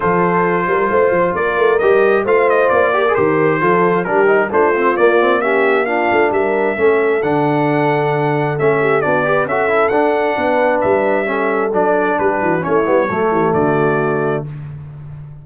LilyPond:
<<
  \new Staff \with { instrumentName = "trumpet" } { \time 4/4 \tempo 4 = 133 c''2. d''4 | dis''4 f''8 dis''8 d''4 c''4~ | c''4 ais'4 c''4 d''4 | e''4 f''4 e''2 |
fis''2. e''4 | d''4 e''4 fis''2 | e''2 d''4 b'4 | cis''2 d''2 | }
  \new Staff \with { instrumentName = "horn" } { \time 4/4 a'4. ais'8 c''4 ais'4~ | ais'4 c''4. ais'4. | a'4 g'4 f'2 | g'4 f'4 ais'4 a'4~ |
a'2.~ a'8 g'8 | fis'8 b'8 a'2 b'4~ | b'4 a'2 g'8 fis'8 | e'4 a'8 g'8 fis'2 | }
  \new Staff \with { instrumentName = "trombone" } { \time 4/4 f'1 | g'4 f'4. g'16 gis'16 g'4 | f'4 d'8 dis'8 d'8 c'8 ais8 c'8 | cis'4 d'2 cis'4 |
d'2. cis'4 | d'8 g'8 fis'8 e'8 d'2~ | d'4 cis'4 d'2 | cis'8 b8 a2. | }
  \new Staff \with { instrumentName = "tuba" } { \time 4/4 f4. g8 a8 f8 ais8 a8 | g4 a4 ais4 dis4 | f4 g4 a4 ais4~ | ais4. a8 g4 a4 |
d2. a4 | b4 cis'4 d'4 b4 | g2 fis4 g8 e8 | a8 g8 fis8 e8 d2 | }
>>